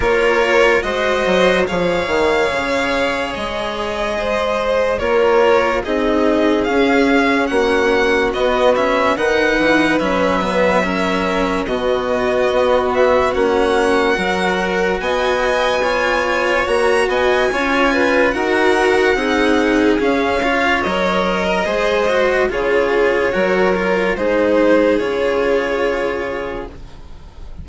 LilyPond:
<<
  \new Staff \with { instrumentName = "violin" } { \time 4/4 \tempo 4 = 72 cis''4 dis''4 f''2 | dis''2 cis''4 dis''4 | f''4 fis''4 dis''8 e''8 fis''4 | e''2 dis''4. e''8 |
fis''2 gis''2 | ais''8 gis''4. fis''2 | f''4 dis''2 cis''4~ | cis''4 c''4 cis''2 | }
  \new Staff \with { instrumentName = "violin" } { \time 4/4 ais'4 c''4 cis''2~ | cis''4 c''4 ais'4 gis'4~ | gis'4 fis'2 b'4~ | b'4 ais'4 fis'2~ |
fis'4 ais'4 dis''4 cis''4~ | cis''8 dis''8 cis''8 b'8 ais'4 gis'4~ | gis'8 cis''4~ cis''16 ais'16 c''4 gis'4 | ais'4 gis'2. | }
  \new Staff \with { instrumentName = "cello" } { \time 4/4 f'4 fis'4 gis'2~ | gis'2 f'4 dis'4 | cis'2 b8 cis'8 dis'4 | cis'8 b8 cis'4 b2 |
cis'4 fis'2 f'4 | fis'4 f'4 fis'4 dis'4 | cis'8 f'8 ais'4 gis'8 fis'8 f'4 | fis'8 f'8 dis'4 f'2 | }
  \new Staff \with { instrumentName = "bassoon" } { \time 4/4 ais4 gis8 fis8 f8 dis8 cis4 | gis2 ais4 c'4 | cis'4 ais4 b4 dis8 e8 | fis2 b,4 b4 |
ais4 fis4 b2 | ais8 b8 cis'4 dis'4 c'4 | cis'4 fis4 gis4 cis4 | fis4 gis4 cis2 | }
>>